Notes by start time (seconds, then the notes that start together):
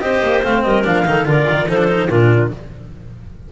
0.00 C4 G4 C5 D#5
0.22 A#3
0.43 A3 C4 F5
0.62 G3 A#4 D#5
0.84 F3 D4 F5
1.05 D#3 D#4 A4
1.25 D3 F4 A#4 D5
1.50 D#3
1.68 F3 D#4 A4 C5
1.78 D4
1.88 D#4
2.08 A#2 D4 F4 A#4